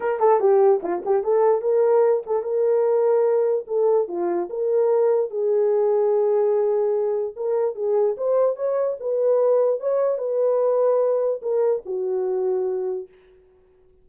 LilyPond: \new Staff \with { instrumentName = "horn" } { \time 4/4 \tempo 4 = 147 ais'8 a'8 g'4 f'8 g'8 a'4 | ais'4. a'8 ais'2~ | ais'4 a'4 f'4 ais'4~ | ais'4 gis'2.~ |
gis'2 ais'4 gis'4 | c''4 cis''4 b'2 | cis''4 b'2. | ais'4 fis'2. | }